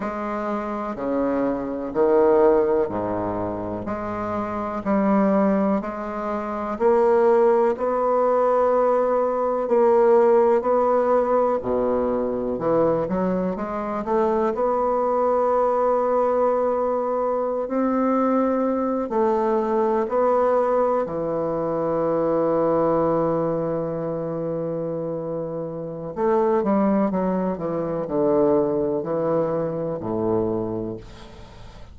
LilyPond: \new Staff \with { instrumentName = "bassoon" } { \time 4/4 \tempo 4 = 62 gis4 cis4 dis4 gis,4 | gis4 g4 gis4 ais4 | b2 ais4 b4 | b,4 e8 fis8 gis8 a8 b4~ |
b2~ b16 c'4. a16~ | a8. b4 e2~ e16~ | e2. a8 g8 | fis8 e8 d4 e4 a,4 | }